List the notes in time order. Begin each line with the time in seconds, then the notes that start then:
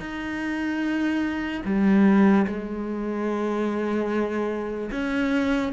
0.00 D#4
1.65 G3
2.47 G#3
4.91 C#4